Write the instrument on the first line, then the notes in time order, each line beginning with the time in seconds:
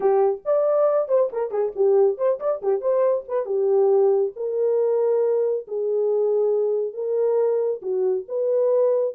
horn
0.00 G4
0.45 D5
1.08 C5
1.32 A#4
1.50 G#4
1.75 G4
2.17 C5
2.39 D5
2.62 G4
2.81 C5
3.28 B4
3.45 G4
4.36 A#4
5.67 G#4
6.93 A#4
7.82 F#4
8.28 B4